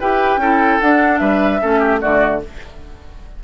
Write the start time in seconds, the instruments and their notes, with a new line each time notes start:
0.00 bassoon E4, clarinet G4, oboe B4, flute G5
0.37 bassoon C#4, clarinet E4, oboe A4
0.80 clarinet D4, bassoon D4, flute F#5
1.18 bassoon G3, oboe B4, flute E5
1.61 bassoon A3, clarinet C#4, oboe A4
1.79 oboe G4
2.00 bassoon D3, clarinet A3, oboe F#4, flute D5